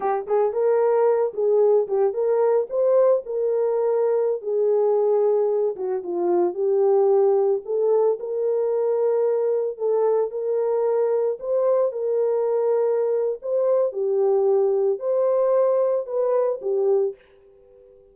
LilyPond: \new Staff \with { instrumentName = "horn" } { \time 4/4 \tempo 4 = 112 g'8 gis'8 ais'4. gis'4 g'8 | ais'4 c''4 ais'2~ | ais'16 gis'2~ gis'8 fis'8 f'8.~ | f'16 g'2 a'4 ais'8.~ |
ais'2~ ais'16 a'4 ais'8.~ | ais'4~ ais'16 c''4 ais'4.~ ais'16~ | ais'4 c''4 g'2 | c''2 b'4 g'4 | }